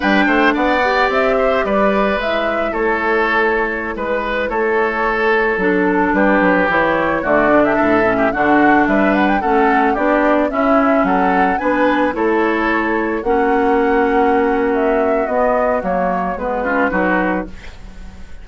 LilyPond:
<<
  \new Staff \with { instrumentName = "flute" } { \time 4/4 \tempo 4 = 110 g''4 fis''4 e''4 d''4 | e''4 cis''2~ cis''16 b'8.~ | b'16 cis''2 a'4 b'8.~ | b'16 cis''4 d''8. e''4~ e''16 fis''8.~ |
fis''16 e''8 fis''16 g''16 fis''4 d''4 e''8.~ | e''16 fis''4 gis''4 cis''4.~ cis''16~ | cis''16 fis''2~ fis''8. e''4 | dis''4 cis''4 b'2 | }
  \new Staff \with { instrumentName = "oboe" } { \time 4/4 b'8 c''8 d''4. c''8 b'4~ | b'4 a'2~ a'16 b'8.~ | b'16 a'2. g'8.~ | g'4~ g'16 fis'8. g'16 a'8. g'16 fis'8.~ |
fis'16 b'4 a'4 g'4 e'8.~ | e'16 a'4 b'4 a'4.~ a'16~ | a'16 fis'2.~ fis'8.~ | fis'2~ fis'8 f'8 fis'4 | }
  \new Staff \with { instrumentName = "clarinet" } { \time 4/4 d'4. g'2~ g'8 | e'1~ | e'2~ e'16 d'4.~ d'16~ | d'16 e'4 a8 d'4 cis'8 d'8.~ |
d'4~ d'16 cis'4 d'4 cis'8.~ | cis'4~ cis'16 d'4 e'4.~ e'16~ | e'16 cis'2.~ cis'8. | b4 ais4 b8 cis'8 dis'4 | }
  \new Staff \with { instrumentName = "bassoon" } { \time 4/4 g8 a8 b4 c'4 g4 | gis4 a2~ a16 gis8.~ | gis16 a2 fis4 g8 fis16~ | fis16 e4 d4 a,4 d8.~ |
d16 g4 a4 b4 cis'8.~ | cis'16 fis4 b4 a4.~ a16~ | a16 ais2.~ ais8. | b4 fis4 gis4 fis4 | }
>>